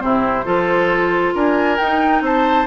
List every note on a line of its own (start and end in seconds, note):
0.00 0.46 C3
0.00 0.44 C4
0.00 0.45 E4
0.00 1.33 C5
0.45 1.34 F3
0.45 1.78 F4
0.45 1.34 A4
1.34 1.79 D4
1.34 2.23 A#4
1.34 1.77 G#5
1.77 2.66 D#4
1.77 2.21 D#4
1.77 2.22 G5
2.21 2.65 C4
2.21 2.66 C5
2.21 2.66 A5